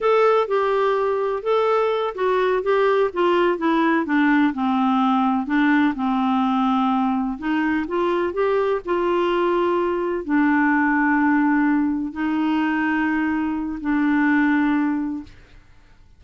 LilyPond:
\new Staff \with { instrumentName = "clarinet" } { \time 4/4 \tempo 4 = 126 a'4 g'2 a'4~ | a'8 fis'4 g'4 f'4 e'8~ | e'8 d'4 c'2 d'8~ | d'8 c'2. dis'8~ |
dis'8 f'4 g'4 f'4.~ | f'4. d'2~ d'8~ | d'4. dis'2~ dis'8~ | dis'4 d'2. | }